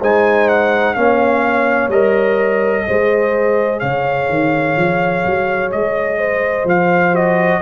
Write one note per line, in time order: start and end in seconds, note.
0.00 0.96 G#3
0.00 0.96 D#4
0.00 0.95 C5
0.00 0.49 G#5
0.49 0.94 F#5
0.94 1.88 A#3
0.94 1.91 C#4
0.94 2.87 C#5
0.94 1.89 F5
1.88 2.84 G3
1.88 2.85 A#4
1.88 3.80 D#5
2.85 3.82 G#3
2.85 7.13 G#4
2.85 3.81 C5
3.80 4.29 C#3
3.80 6.18 C#5
3.80 5.70 F5
4.29 4.76 D#3
4.76 5.24 F3
5.26 5.73 F#3
5.72 6.65 G#3
5.72 6.67 D#5
6.18 7.61 C5
6.65 7.60 F3
6.65 7.15 F5
7.13 7.61 F#4
7.13 7.62 D#5